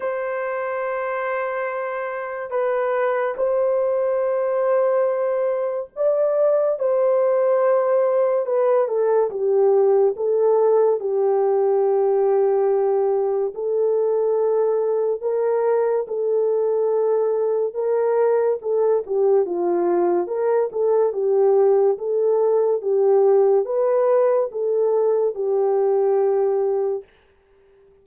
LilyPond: \new Staff \with { instrumentName = "horn" } { \time 4/4 \tempo 4 = 71 c''2. b'4 | c''2. d''4 | c''2 b'8 a'8 g'4 | a'4 g'2. |
a'2 ais'4 a'4~ | a'4 ais'4 a'8 g'8 f'4 | ais'8 a'8 g'4 a'4 g'4 | b'4 a'4 g'2 | }